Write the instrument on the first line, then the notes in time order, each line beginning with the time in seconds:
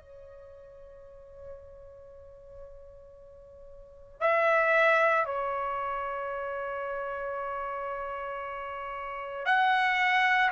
trumpet
0.00 C#5
4.21 E5
5.25 C#5
9.45 F#5